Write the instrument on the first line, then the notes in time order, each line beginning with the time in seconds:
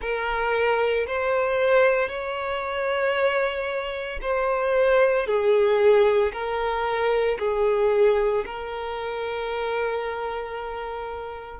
violin
0.01 A#4
1.07 C5
2.08 C#5
4.21 C5
5.26 G#4
6.32 A#4
7.39 G#4
8.45 A#4